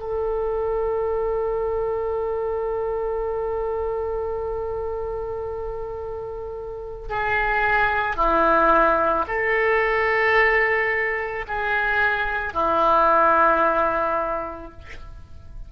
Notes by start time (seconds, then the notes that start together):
0.00 A4
7.10 G#4
8.17 E4
9.28 A4
11.48 G#4
12.54 E4